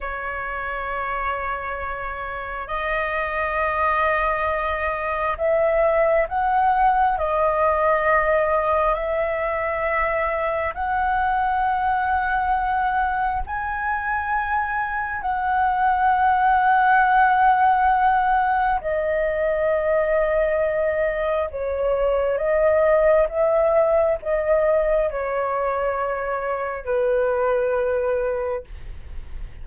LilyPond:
\new Staff \with { instrumentName = "flute" } { \time 4/4 \tempo 4 = 67 cis''2. dis''4~ | dis''2 e''4 fis''4 | dis''2 e''2 | fis''2. gis''4~ |
gis''4 fis''2.~ | fis''4 dis''2. | cis''4 dis''4 e''4 dis''4 | cis''2 b'2 | }